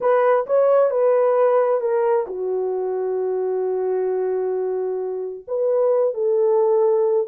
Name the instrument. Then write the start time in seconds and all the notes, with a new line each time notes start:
horn
0.00 B4
0.46 C#5
0.90 B4
1.80 A#4
2.26 F#4
5.47 B4
6.14 A4